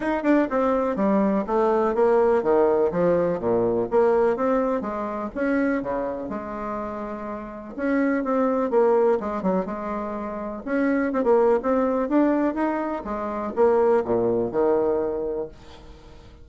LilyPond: \new Staff \with { instrumentName = "bassoon" } { \time 4/4 \tempo 4 = 124 dis'8 d'8 c'4 g4 a4 | ais4 dis4 f4 ais,4 | ais4 c'4 gis4 cis'4 | cis4 gis2. |
cis'4 c'4 ais4 gis8 fis8 | gis2 cis'4 c'16 ais8. | c'4 d'4 dis'4 gis4 | ais4 ais,4 dis2 | }